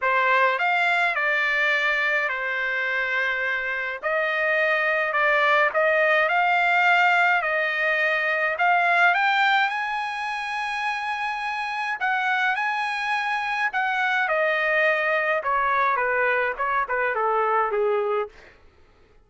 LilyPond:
\new Staff \with { instrumentName = "trumpet" } { \time 4/4 \tempo 4 = 105 c''4 f''4 d''2 | c''2. dis''4~ | dis''4 d''4 dis''4 f''4~ | f''4 dis''2 f''4 |
g''4 gis''2.~ | gis''4 fis''4 gis''2 | fis''4 dis''2 cis''4 | b'4 cis''8 b'8 a'4 gis'4 | }